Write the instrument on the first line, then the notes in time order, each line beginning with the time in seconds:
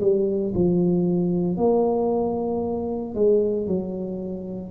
tuba
0.00 G3
0.55 F3
1.56 A#3
3.14 G#3
3.67 F#3